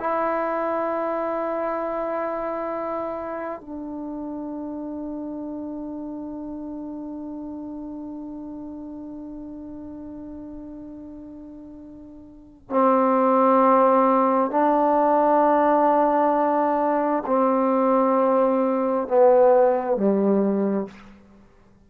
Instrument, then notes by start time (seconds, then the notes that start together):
trombone
0.00 E4
3.61 D4
12.70 C4
14.51 D4
17.27 C4
19.08 B3
19.97 G3